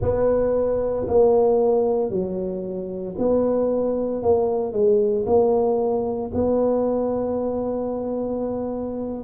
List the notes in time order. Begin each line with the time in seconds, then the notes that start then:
0.01 B3
1.08 A#3
2.10 F#3
3.18 B3
4.22 A#3
4.72 G#3
5.26 A#3
6.34 B3